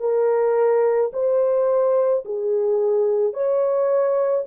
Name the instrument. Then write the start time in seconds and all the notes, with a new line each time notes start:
horn
0.00 A#4
1.13 C5
2.25 G#4
3.33 C#5